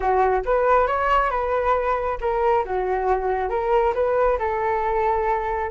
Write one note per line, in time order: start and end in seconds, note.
0.00 0.41 F#4
0.45 0.87 B4
0.87 1.30 C#5
1.30 2.18 B4
2.20 2.64 A#4
2.64 3.49 F#4
3.49 3.93 A#4
3.94 4.38 B4
4.39 5.70 A4